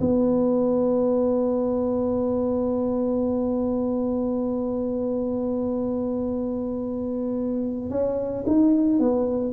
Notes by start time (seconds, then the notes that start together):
0.00 B3
7.89 C#4
8.46 D#4
8.99 B3